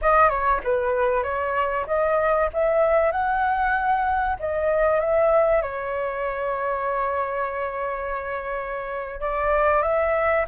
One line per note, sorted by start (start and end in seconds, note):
0.01 0.29 D#5
0.29 0.60 C#5
0.63 1.23 B4
1.23 1.85 C#5
1.87 2.49 D#5
2.53 3.11 E5
3.11 4.36 F#5
4.39 5.00 D#5
5.00 5.62 E5
5.62 9.20 C#5
9.20 9.82 D5
9.82 10.45 E5